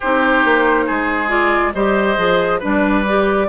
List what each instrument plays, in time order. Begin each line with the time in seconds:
0.00 bassoon C4, clarinet D#4, oboe G4, flute C5
0.44 bassoon A#3
0.86 bassoon G#3, oboe G#4
1.28 clarinet F4, flute D5
1.74 bassoon G3, clarinet G4, oboe C5, flute D#5
2.16 bassoon F3, clarinet G#4
2.59 bassoon G3, clarinet D4, oboe B4, flute D5
3.07 clarinet G4